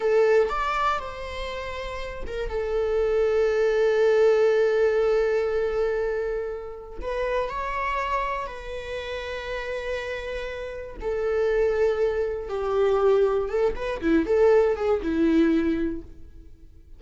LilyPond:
\new Staff \with { instrumentName = "viola" } { \time 4/4 \tempo 4 = 120 a'4 d''4 c''2~ | c''8 ais'8 a'2.~ | a'1~ | a'2 b'4 cis''4~ |
cis''4 b'2.~ | b'2 a'2~ | a'4 g'2 a'8 b'8 | e'8 a'4 gis'8 e'2 | }